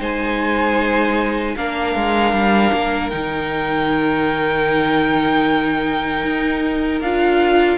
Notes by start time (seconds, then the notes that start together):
0.00 G#3 D#4 C5 G#5
1.57 A#3 D4 A#4 F5
1.96 G#3
2.33 G3
2.73 A#3
3.10 D#3 D#4 G5
6.24 D#4
7.01 D4 F4 F5